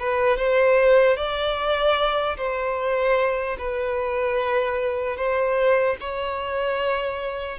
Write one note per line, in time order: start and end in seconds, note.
0.00 0.38 B4
0.38 1.17 C5
1.17 2.37 D5
2.37 3.57 C5
3.59 5.17 B4
5.17 5.97 C5
6.01 7.59 C#5